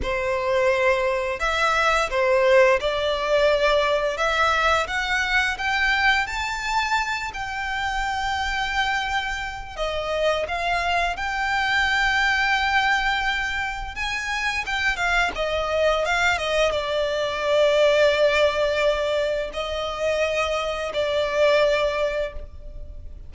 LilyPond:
\new Staff \with { instrumentName = "violin" } { \time 4/4 \tempo 4 = 86 c''2 e''4 c''4 | d''2 e''4 fis''4 | g''4 a''4. g''4.~ | g''2 dis''4 f''4 |
g''1 | gis''4 g''8 f''8 dis''4 f''8 dis''8 | d''1 | dis''2 d''2 | }